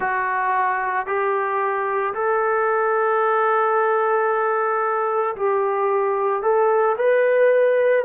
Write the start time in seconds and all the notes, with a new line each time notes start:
0.00 F#4
1.06 G4
2.14 A4
5.36 G4
6.42 A4
6.97 B4